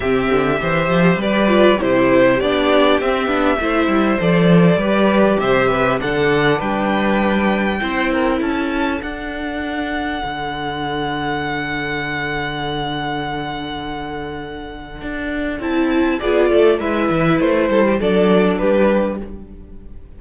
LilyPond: <<
  \new Staff \with { instrumentName = "violin" } { \time 4/4 \tempo 4 = 100 e''2 d''4 c''4 | d''4 e''2 d''4~ | d''4 e''4 fis''4 g''4~ | g''2 a''4 fis''4~ |
fis''1~ | fis''1~ | fis''2 a''4 d''4 | e''4 c''4 d''4 b'4 | }
  \new Staff \with { instrumentName = "violin" } { \time 4/4 g'4 c''4 b'4 g'4~ | g'2 c''2 | b'4 c''8 b'8 a'4 b'4~ | b'4 c''8 ais'8 a'2~ |
a'1~ | a'1~ | a'2. gis'8 a'8 | b'4. a'16 g'16 a'4 g'4 | }
  \new Staff \with { instrumentName = "viola" } { \time 4/4 c'4 g'4. f'8 e'4 | d'4 c'8 d'8 e'4 a'4 | g'2 d'2~ | d'4 e'2 d'4~ |
d'1~ | d'1~ | d'2 e'4 f'4 | e'2 d'2 | }
  \new Staff \with { instrumentName = "cello" } { \time 4/4 c8 d8 e8 f8 g4 c4 | b4 c'8 b8 a8 g8 f4 | g4 c4 d4 g4~ | g4 c'4 cis'4 d'4~ |
d'4 d2.~ | d1~ | d4 d'4 c'4 b8 a8 | gis8 e8 a8 g8 fis4 g4 | }
>>